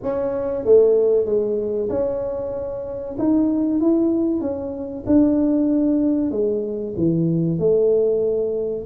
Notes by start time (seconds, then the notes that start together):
0.02 C#4
0.64 A3
1.25 G#3
1.89 C#4
3.18 D#4
3.80 E4
4.40 C#4
5.06 D4
6.31 G#3
6.96 E3
7.58 A3